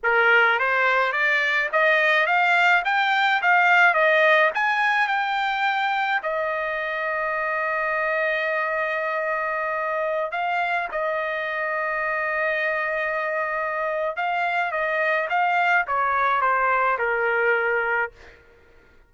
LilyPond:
\new Staff \with { instrumentName = "trumpet" } { \time 4/4 \tempo 4 = 106 ais'4 c''4 d''4 dis''4 | f''4 g''4 f''4 dis''4 | gis''4 g''2 dis''4~ | dis''1~ |
dis''2~ dis''16 f''4 dis''8.~ | dis''1~ | dis''4 f''4 dis''4 f''4 | cis''4 c''4 ais'2 | }